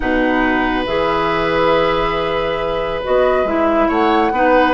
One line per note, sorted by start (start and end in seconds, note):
0.00 0.87 B2
0.00 0.85 D#4
0.00 3.87 B4
0.00 0.83 F#5
0.86 3.03 E3
0.86 3.02 G#4
0.86 3.01 E5
3.03 3.44 B3
3.03 3.46 F#4
3.03 3.46 D#5
3.44 3.87 G#3
3.44 4.32 E4
3.44 3.89 E5
3.87 4.31 A3
3.87 4.31 C#5
3.87 4.73 F#5
4.31 4.73 B3
4.31 4.73 D#4
4.31 4.73 B4